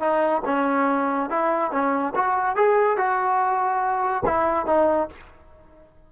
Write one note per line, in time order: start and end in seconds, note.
0.00 0.42 D#4
0.45 1.30 C#4
1.30 1.72 E4
1.72 2.14 C#4
2.15 2.56 F#4
2.56 2.97 G#4
2.97 4.24 F#4
4.26 4.67 E4
4.67 5.09 D#4